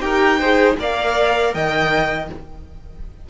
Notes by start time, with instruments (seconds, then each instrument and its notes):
0.00 cello D#4, viola G4, violin A#4 G5
0.40 viola G#4, violin C5
0.79 cello A#3, viola A#4, violin D5 F5
1.54 cello D#3, violin D#5 G5